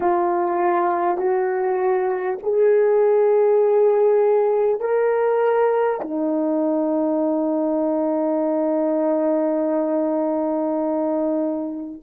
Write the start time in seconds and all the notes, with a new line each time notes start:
0.00 F4
1.17 F#4
2.42 G#4
4.80 A#4
6.01 D#4